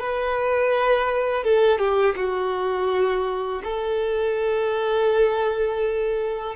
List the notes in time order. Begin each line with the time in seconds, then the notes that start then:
0.00 B4
1.44 A4
1.79 G4
2.16 F#4
3.64 A4